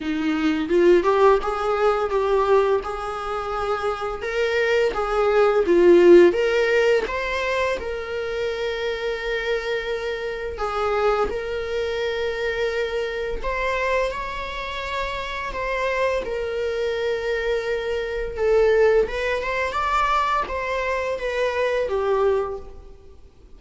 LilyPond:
\new Staff \with { instrumentName = "viola" } { \time 4/4 \tempo 4 = 85 dis'4 f'8 g'8 gis'4 g'4 | gis'2 ais'4 gis'4 | f'4 ais'4 c''4 ais'4~ | ais'2. gis'4 |
ais'2. c''4 | cis''2 c''4 ais'4~ | ais'2 a'4 b'8 c''8 | d''4 c''4 b'4 g'4 | }